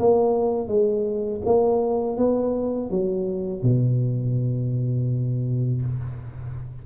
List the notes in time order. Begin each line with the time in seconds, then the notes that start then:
0.00 A#3
0.68 G#3
1.46 A#3
2.18 B3
2.91 F#3
3.63 B2